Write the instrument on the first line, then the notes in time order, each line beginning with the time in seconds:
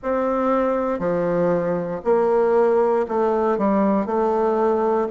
bassoon
0.02 C4
0.99 F3
2.04 A#3
3.08 A3
3.58 G3
4.06 A3